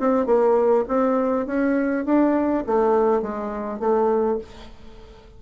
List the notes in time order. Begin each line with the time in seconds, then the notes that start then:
0.00 C4
0.26 A#3
0.88 C4
1.47 C#4
2.06 D4
2.67 A3
3.22 G#3
3.80 A3